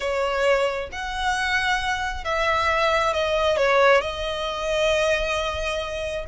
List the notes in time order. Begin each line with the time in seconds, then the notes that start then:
0.00 C#5
0.91 F#5
2.24 E5
3.13 D#5
3.56 C#5
4.01 D#5